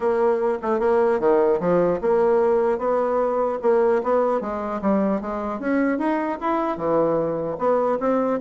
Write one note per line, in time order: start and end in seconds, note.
0.00 0.58 A#3
0.61 0.79 A3
0.79 1.19 A#3
1.19 1.59 D#3
1.60 2.00 F3
2.01 2.78 A#3
2.78 3.58 B3
3.61 4.01 A#3
4.03 4.40 B3
4.40 4.80 G#3
4.81 5.21 G3
5.21 5.59 G#3
5.59 5.98 C#4
5.98 6.38 D#4
6.40 6.77 E4
6.77 7.57 E3
7.58 7.98 B3
8.00 8.40 C4